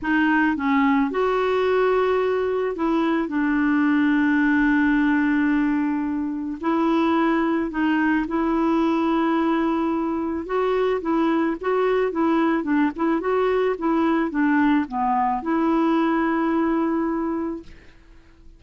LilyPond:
\new Staff \with { instrumentName = "clarinet" } { \time 4/4 \tempo 4 = 109 dis'4 cis'4 fis'2~ | fis'4 e'4 d'2~ | d'1 | e'2 dis'4 e'4~ |
e'2. fis'4 | e'4 fis'4 e'4 d'8 e'8 | fis'4 e'4 d'4 b4 | e'1 | }